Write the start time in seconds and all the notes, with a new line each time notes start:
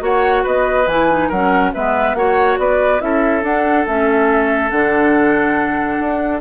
0.00 A#3 F#4 C#5 F#5
0.44 B3 B4 D#5
0.87 E3 E4 G#5
1.10 D#4
1.29 F#3 C#4 A#4 F#5
1.74 G#3 B3 B4 E5
2.15 A#3 F#4 C#5 F#5
2.59 B3 B4 D5
3.00 C#4 E4 A4 E5
3.43 D4 F#5
3.87 A3 C#4 E5
4.71 D3 D4 F#5
6.00 D4